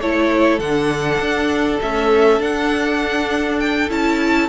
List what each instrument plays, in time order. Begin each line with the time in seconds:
0.00 cello A3, viola E4, violin A4 C#5
0.59 cello D3, viola D4, violin F#5
1.20 cello D4
1.81 viola A3, cello C#4, violin E5
2.39 viola D4, cello D4, violin F#5
3.60 violin G5
3.89 cello C#4, viola E4, violin A5